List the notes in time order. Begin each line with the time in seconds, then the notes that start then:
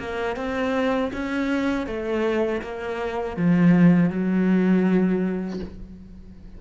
0.00 A#3
0.37 C4
1.14 C#4
1.87 A3
2.62 A#3
3.37 F3
4.10 F#3